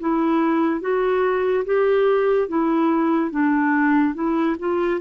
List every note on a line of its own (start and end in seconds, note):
0.00 0.81 E4
0.81 1.64 F#4
1.65 2.48 G4
2.48 3.31 E4
3.31 4.14 D4
4.14 4.56 E4
4.59 5.01 F4